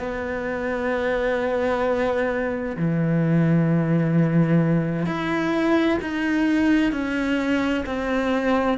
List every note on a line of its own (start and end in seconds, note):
0.00 2.77 B3
2.77 5.06 E3
5.06 5.99 E4
6.02 6.93 D#4
6.93 7.85 C#4
7.86 8.79 C4